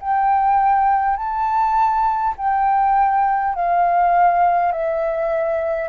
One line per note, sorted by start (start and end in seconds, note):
0.00 1.17 G5
1.17 2.34 A5
2.37 3.55 G5
3.55 4.72 F5
4.72 5.89 E5